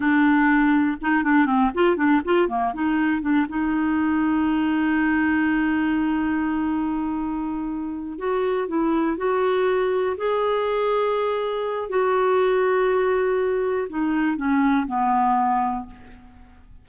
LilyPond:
\new Staff \with { instrumentName = "clarinet" } { \time 4/4 \tempo 4 = 121 d'2 dis'8 d'8 c'8 f'8 | d'8 f'8 ais8 dis'4 d'8 dis'4~ | dis'1~ | dis'1~ |
dis'8 fis'4 e'4 fis'4.~ | fis'8 gis'2.~ gis'8 | fis'1 | dis'4 cis'4 b2 | }